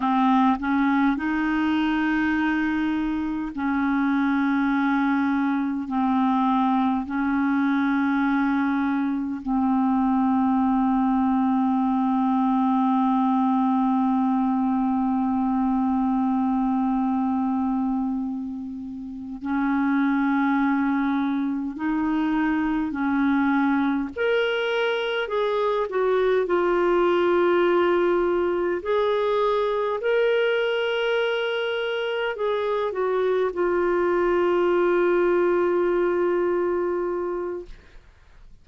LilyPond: \new Staff \with { instrumentName = "clarinet" } { \time 4/4 \tempo 4 = 51 c'8 cis'8 dis'2 cis'4~ | cis'4 c'4 cis'2 | c'1~ | c'1~ |
c'8 cis'2 dis'4 cis'8~ | cis'8 ais'4 gis'8 fis'8 f'4.~ | f'8 gis'4 ais'2 gis'8 | fis'8 f'2.~ f'8 | }